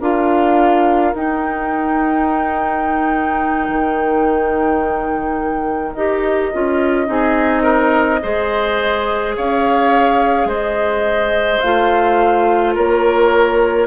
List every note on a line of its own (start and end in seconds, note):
0.00 1.14 D4
0.00 1.15 F4
0.00 7.08 A#4
0.00 1.15 F5
1.14 3.69 D#4
1.14 5.97 D#4
1.14 5.94 G5
3.69 5.96 D#3
5.94 6.52 D#4
5.94 6.54 G4
5.94 9.33 D#5
6.54 7.09 C#4
6.54 7.07 F4
7.07 8.22 C4
7.07 8.20 D#4
7.07 7.63 G#4
7.63 8.20 A#4
8.23 9.37 G#3
8.23 11.62 G#4
8.23 9.36 C5
9.37 10.46 C#4
9.37 10.49 C#5
9.37 10.49 F5
10.46 11.59 G#3
10.46 12.75 C5
10.46 11.61 D#5
11.61 12.77 A3
11.61 13.87 F4
11.61 12.74 F5
12.75 13.87 A#3
12.75 13.87 A#4
12.75 13.87 C#5